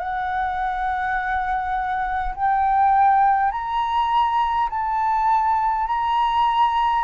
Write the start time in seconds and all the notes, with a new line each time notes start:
0.00 F#5
2.35 G5
3.52 A#5
4.71 A5
5.88 A#5